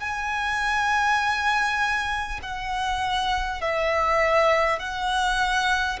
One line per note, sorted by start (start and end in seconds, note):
0.00 2.40 G#5
2.42 3.61 F#5
3.61 4.79 E5
4.79 5.99 F#5